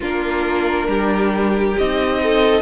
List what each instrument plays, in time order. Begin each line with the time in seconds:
0.00 cello A#3, viola D4, violin F4 A#4
0.87 cello G3, violin G4
1.78 cello C4, viola D#4, violin D#5
2.22 violin A4